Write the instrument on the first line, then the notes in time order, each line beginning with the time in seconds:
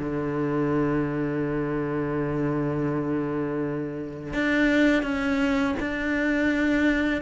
cello
0.00 D3
4.34 D4
5.03 C#4
5.80 D4